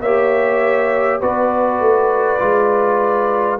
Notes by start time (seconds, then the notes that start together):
0.00 A#3 G4 C#5 E5
1.20 B3 F#4 B4 D5
1.79 A3
2.38 G#3 F4